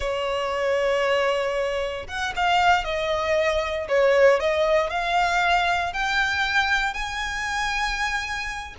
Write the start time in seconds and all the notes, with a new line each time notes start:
0.00 C#5
2.07 F#5
2.36 F5
2.84 D#5
3.88 C#5
4.40 D#5
4.89 F5
5.93 G5
6.93 G#5